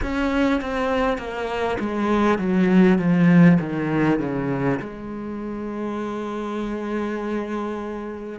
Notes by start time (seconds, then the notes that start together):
0.02 C#4
0.61 C4
1.17 A#3
1.79 G#3
2.38 F#3
2.98 F3
3.60 D#3
4.19 C#3
4.79 G#3